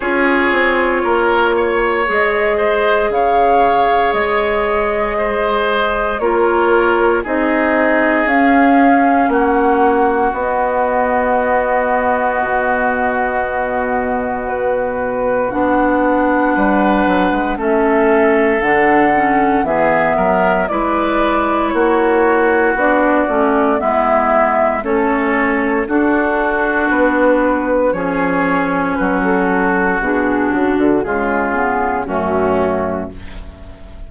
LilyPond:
<<
  \new Staff \with { instrumentName = "flute" } { \time 4/4 \tempo 4 = 58 cis''2 dis''4 f''4 | dis''2 cis''4 dis''4 | f''4 fis''4 dis''2~ | dis''2 b'4 fis''4~ |
fis''4 e''4 fis''4 e''4 | d''4 cis''4 d''4 e''4 | cis''4 a'4 b'4 cis''4 | b'16 a'8. gis'8 fis'8 gis'4 fis'4 | }
  \new Staff \with { instrumentName = "oboe" } { \time 4/4 gis'4 ais'8 cis''4 c''8 cis''4~ | cis''4 c''4 ais'4 gis'4~ | gis'4 fis'2.~ | fis'1 |
b'4 a'2 gis'8 ais'8 | b'4 fis'2 e'4 | a'4 fis'2 gis'4 | fis'2 f'4 cis'4 | }
  \new Staff \with { instrumentName = "clarinet" } { \time 4/4 f'2 gis'2~ | gis'2 f'4 dis'4 | cis'2 b2~ | b2. d'4~ |
d'4 cis'4 d'8 cis'8 b4 | e'2 d'8 cis'8 b4 | cis'4 d'2 cis'4~ | cis'4 d'4 gis8 b8 a4 | }
  \new Staff \with { instrumentName = "bassoon" } { \time 4/4 cis'8 c'8 ais4 gis4 cis4 | gis2 ais4 c'4 | cis'4 ais4 b2 | b,2. b4 |
g8 fis16 gis16 a4 d4 e8 fis8 | gis4 ais4 b8 a8 gis4 | a4 d'4 b4 f4 | fis4 b,8 cis16 d16 cis4 fis,4 | }
>>